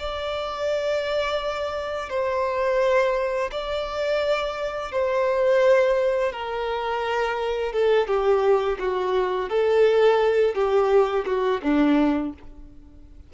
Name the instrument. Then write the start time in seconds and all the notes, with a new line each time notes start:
violin
0.00 D5
2.10 C5
3.52 D5
4.92 C5
6.33 A#4
7.73 A4
8.08 G4
8.79 F#4
9.50 A4
10.55 G4
11.26 F#4
11.63 D4